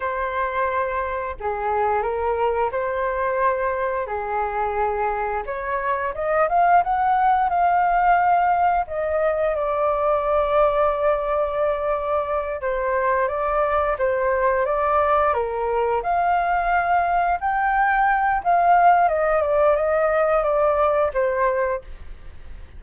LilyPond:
\new Staff \with { instrumentName = "flute" } { \time 4/4 \tempo 4 = 88 c''2 gis'4 ais'4 | c''2 gis'2 | cis''4 dis''8 f''8 fis''4 f''4~ | f''4 dis''4 d''2~ |
d''2~ d''8 c''4 d''8~ | d''8 c''4 d''4 ais'4 f''8~ | f''4. g''4. f''4 | dis''8 d''8 dis''4 d''4 c''4 | }